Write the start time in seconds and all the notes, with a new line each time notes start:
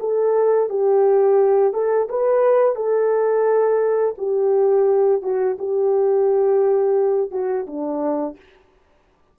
0.00 A4
0.69 G4
1.74 A4
2.09 B4
2.76 A4
4.18 G4
5.23 F#4
5.59 G4
7.32 F#4
7.67 D4